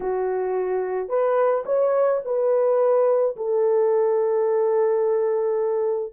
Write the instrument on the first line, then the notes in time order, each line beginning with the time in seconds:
horn
0.00 F#4
1.08 B4
1.65 C#5
2.24 B4
3.36 A4